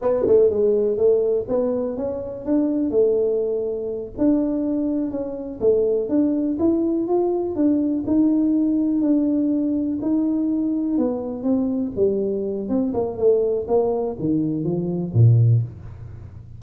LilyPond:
\new Staff \with { instrumentName = "tuba" } { \time 4/4 \tempo 4 = 123 b8 a8 gis4 a4 b4 | cis'4 d'4 a2~ | a8 d'2 cis'4 a8~ | a8 d'4 e'4 f'4 d'8~ |
d'8 dis'2 d'4.~ | d'8 dis'2 b4 c'8~ | c'8 g4. c'8 ais8 a4 | ais4 dis4 f4 ais,4 | }